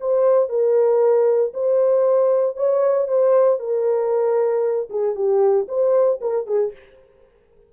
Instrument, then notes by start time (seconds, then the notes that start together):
horn
0.00 C5
0.49 A#4
1.54 C5
2.57 C#5
3.08 C5
3.59 A#4
4.90 G#4
5.15 G4
5.68 C5
6.21 A#4
6.47 G#4